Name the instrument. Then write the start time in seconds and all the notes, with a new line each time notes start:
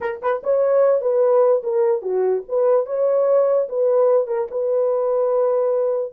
horn
0.00 A#4
0.22 B4
0.43 C#5
1.01 B4
1.63 A#4
2.02 F#4
2.48 B4
2.86 C#5
3.68 B4
4.27 A#4
4.50 B4